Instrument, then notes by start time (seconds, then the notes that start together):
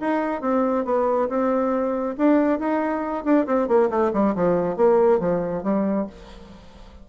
bassoon
0.00 D#4
0.42 C4
0.85 B3
1.29 C4
2.18 D4
2.59 D#4
3.25 D4
3.47 C4
3.68 A#3
3.90 A3
4.13 G3
4.35 F3
4.76 A#3
5.20 F3
5.63 G3